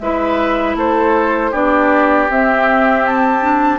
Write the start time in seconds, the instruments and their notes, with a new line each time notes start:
0.00 bassoon G#3, clarinet E4, oboe B4, flute E5
0.75 bassoon A3, oboe A4, flute C5
1.51 bassoon B3, clarinet D4, oboe G4, flute D5
2.30 clarinet C4, bassoon C4, flute E5
3.06 flute A5
3.41 clarinet D4